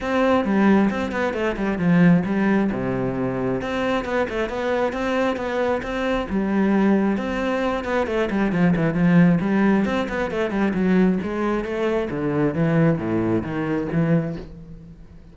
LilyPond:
\new Staff \with { instrumentName = "cello" } { \time 4/4 \tempo 4 = 134 c'4 g4 c'8 b8 a8 g8 | f4 g4 c2 | c'4 b8 a8 b4 c'4 | b4 c'4 g2 |
c'4. b8 a8 g8 f8 e8 | f4 g4 c'8 b8 a8 g8 | fis4 gis4 a4 d4 | e4 a,4 dis4 e4 | }